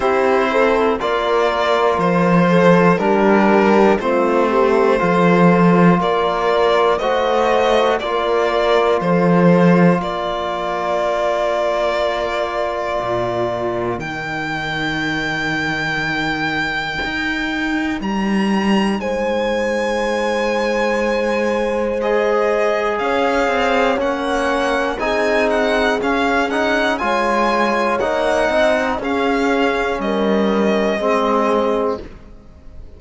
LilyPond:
<<
  \new Staff \with { instrumentName = "violin" } { \time 4/4 \tempo 4 = 60 c''4 d''4 c''4 ais'4 | c''2 d''4 dis''4 | d''4 c''4 d''2~ | d''2 g''2~ |
g''2 ais''4 gis''4~ | gis''2 dis''4 f''4 | fis''4 gis''8 fis''8 f''8 fis''8 gis''4 | fis''4 f''4 dis''2 | }
  \new Staff \with { instrumentName = "horn" } { \time 4/4 g'8 a'8 ais'4. a'8 g'4 | f'8 g'8 a'4 ais'4 c''4 | ais'4 a'4 ais'2~ | ais'1~ |
ais'2. c''4~ | c''2. cis''4~ | cis''4 gis'2 cis''4~ | cis''8 dis''8 gis'4 ais'4 gis'4 | }
  \new Staff \with { instrumentName = "trombone" } { \time 4/4 e'4 f'2 d'4 | c'4 f'2 fis'4 | f'1~ | f'2 dis'2~ |
dis'1~ | dis'2 gis'2 | cis'4 dis'4 cis'8 dis'8 f'4 | dis'4 cis'2 c'4 | }
  \new Staff \with { instrumentName = "cello" } { \time 4/4 c'4 ais4 f4 g4 | a4 f4 ais4 a4 | ais4 f4 ais2~ | ais4 ais,4 dis2~ |
dis4 dis'4 g4 gis4~ | gis2. cis'8 c'8 | ais4 c'4 cis'4 gis4 | ais8 c'8 cis'4 g4 gis4 | }
>>